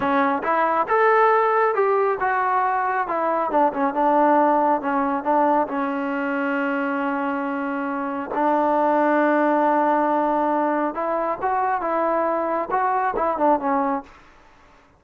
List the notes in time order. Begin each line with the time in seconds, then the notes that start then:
0.00 C#4
0.43 E4
0.88 A4
1.74 G4
2.20 F#4
3.07 E4
3.50 D4
3.73 C#4
3.94 D4
4.81 C#4
5.23 D4
5.67 C#4
8.34 D4
10.94 E4
11.41 F#4
11.81 E4
12.70 F#4
13.15 E4
13.37 D4
13.59 C#4